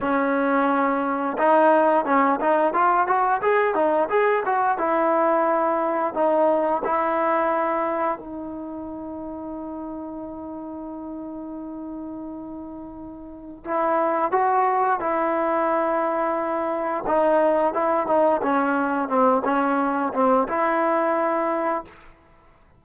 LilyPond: \new Staff \with { instrumentName = "trombone" } { \time 4/4 \tempo 4 = 88 cis'2 dis'4 cis'8 dis'8 | f'8 fis'8 gis'8 dis'8 gis'8 fis'8 e'4~ | e'4 dis'4 e'2 | dis'1~ |
dis'1 | e'4 fis'4 e'2~ | e'4 dis'4 e'8 dis'8 cis'4 | c'8 cis'4 c'8 e'2 | }